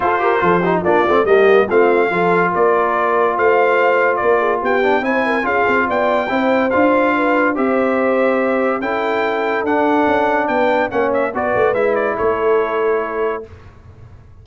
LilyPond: <<
  \new Staff \with { instrumentName = "trumpet" } { \time 4/4 \tempo 4 = 143 c''2 d''4 dis''4 | f''2 d''2 | f''2 d''4 g''4 | gis''4 f''4 g''2 |
f''2 e''2~ | e''4 g''2 fis''4~ | fis''4 g''4 fis''8 e''8 d''4 | e''8 d''8 cis''2. | }
  \new Staff \with { instrumentName = "horn" } { \time 4/4 a'8 ais'8 a'8 g'8 f'4 g'4 | f'4 a'4 ais'2 | c''2 ais'8 gis'8 g'4 | c''8 ais'8 gis'4 d''4 c''4~ |
c''4 b'4 c''2~ | c''4 a'2.~ | a'4 b'4 cis''4 b'4~ | b'4 a'2. | }
  \new Staff \with { instrumentName = "trombone" } { \time 4/4 f'8 g'8 f'8 dis'8 d'8 c'8 ais4 | c'4 f'2.~ | f'2.~ f'8 d'8 | e'4 f'2 e'4 |
f'2 g'2~ | g'4 e'2 d'4~ | d'2 cis'4 fis'4 | e'1 | }
  \new Staff \with { instrumentName = "tuba" } { \time 4/4 f'4 f4 ais8 a8 g4 | a4 f4 ais2 | a2 ais4 b4 | c'4 cis'8 c'8 b4 c'4 |
d'2 c'2~ | c'4 cis'2 d'4 | cis'4 b4 ais4 b8 a8 | gis4 a2. | }
>>